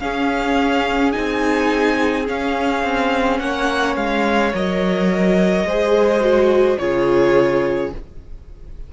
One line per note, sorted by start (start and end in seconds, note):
0.00 1.13 C#4
0.00 1.15 C#4
0.00 3.42 G#4
0.00 1.12 F5
1.12 2.29 C4
1.12 2.26 D#4
1.12 2.26 G#5
2.27 4.53 C#4
2.27 2.84 C#4
2.27 3.39 F5
2.84 3.40 C4
3.39 3.96 A#3
3.39 5.67 C#5
3.39 3.96 F#5
3.96 4.53 G#3
3.96 4.53 F5
4.54 5.65 F#3
4.54 5.67 A#4
4.54 6.79 D#5
5.65 6.78 G#3
5.65 6.21 G#4
5.65 6.80 C5
6.21 6.78 F#4
6.79 7.94 C#3
6.79 7.93 F4
6.79 7.93 G#4
6.79 7.92 C#5